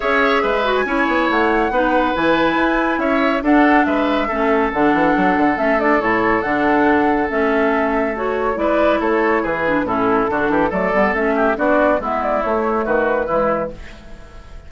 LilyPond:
<<
  \new Staff \with { instrumentName = "flute" } { \time 4/4 \tempo 4 = 140 e''4.~ e''16 gis''4~ gis''16 fis''4~ | fis''4 gis''2 e''4 | fis''4 e''2 fis''4~ | fis''4 e''8 d''8 cis''4 fis''4~ |
fis''4 e''2 cis''4 | d''4 cis''4 b'4 a'4~ | a'4 d''4 e''4 d''4 | e''8 d''8 cis''4 b'2 | }
  \new Staff \with { instrumentName = "oboe" } { \time 4/4 cis''4 b'4 cis''2 | b'2. cis''4 | a'4 b'4 a'2~ | a'1~ |
a'1 | b'4 a'4 gis'4 e'4 | fis'8 g'8 a'4. g'8 fis'4 | e'2 fis'4 e'4 | }
  \new Staff \with { instrumentName = "clarinet" } { \time 4/4 gis'4. fis'8 e'2 | dis'4 e'2. | d'2 cis'4 d'4~ | d'4 cis'8 d'8 e'4 d'4~ |
d'4 cis'2 fis'4 | e'2~ e'8 d'8 cis'4 | d'4 a8 b8 cis'4 d'4 | b4 a2 gis4 | }
  \new Staff \with { instrumentName = "bassoon" } { \time 4/4 cis'4 gis4 cis'8 b8 a4 | b4 e4 e'4 cis'4 | d'4 gis4 a4 d8 e8 | fis8 d8 a4 a,4 d4~ |
d4 a2. | gis4 a4 e4 a,4 | d8 e8 fis8 g8 a4 b4 | gis4 a4 dis4 e4 | }
>>